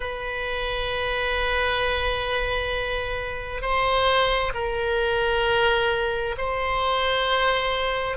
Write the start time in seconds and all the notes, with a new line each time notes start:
0.00 B4
3.61 C5
4.53 A#4
6.37 C5